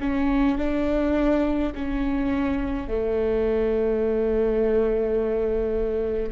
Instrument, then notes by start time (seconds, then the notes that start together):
viola
0.00 C#4
0.57 D4
1.75 C#4
2.87 A3